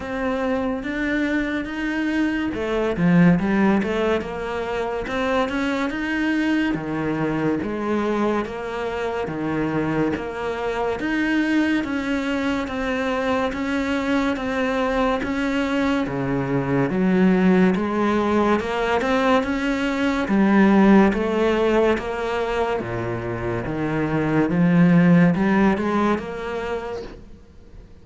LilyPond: \new Staff \with { instrumentName = "cello" } { \time 4/4 \tempo 4 = 71 c'4 d'4 dis'4 a8 f8 | g8 a8 ais4 c'8 cis'8 dis'4 | dis4 gis4 ais4 dis4 | ais4 dis'4 cis'4 c'4 |
cis'4 c'4 cis'4 cis4 | fis4 gis4 ais8 c'8 cis'4 | g4 a4 ais4 ais,4 | dis4 f4 g8 gis8 ais4 | }